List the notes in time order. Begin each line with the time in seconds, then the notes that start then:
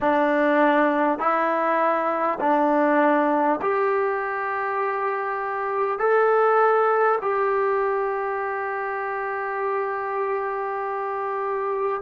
0.00 D4
1.18 E4
2.39 D4
3.61 G4
5.98 A4
7.21 G4